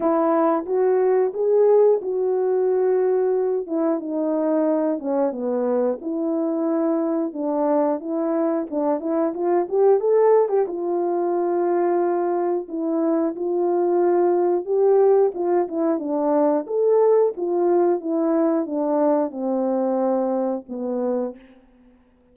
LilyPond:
\new Staff \with { instrumentName = "horn" } { \time 4/4 \tempo 4 = 90 e'4 fis'4 gis'4 fis'4~ | fis'4. e'8 dis'4. cis'8 | b4 e'2 d'4 | e'4 d'8 e'8 f'8 g'8 a'8. g'16 |
f'2. e'4 | f'2 g'4 f'8 e'8 | d'4 a'4 f'4 e'4 | d'4 c'2 b4 | }